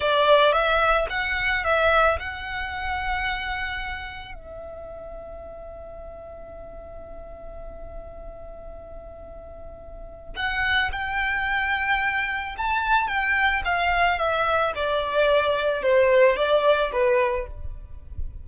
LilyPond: \new Staff \with { instrumentName = "violin" } { \time 4/4 \tempo 4 = 110 d''4 e''4 fis''4 e''4 | fis''1 | e''1~ | e''1~ |
e''2. fis''4 | g''2. a''4 | g''4 f''4 e''4 d''4~ | d''4 c''4 d''4 b'4 | }